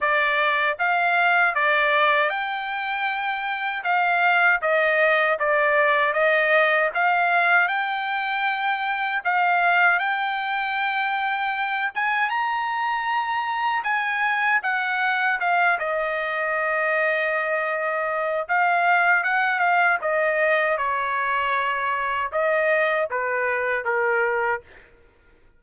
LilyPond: \new Staff \with { instrumentName = "trumpet" } { \time 4/4 \tempo 4 = 78 d''4 f''4 d''4 g''4~ | g''4 f''4 dis''4 d''4 | dis''4 f''4 g''2 | f''4 g''2~ g''8 gis''8 |
ais''2 gis''4 fis''4 | f''8 dis''2.~ dis''8 | f''4 fis''8 f''8 dis''4 cis''4~ | cis''4 dis''4 b'4 ais'4 | }